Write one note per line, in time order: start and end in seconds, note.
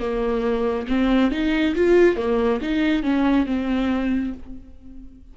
0.00 0.87 A#3
0.88 1.31 C4
1.31 1.75 D#4
1.75 2.17 F4
2.17 2.60 A#3
2.62 3.03 D#4
3.03 3.46 C#4
3.46 4.33 C4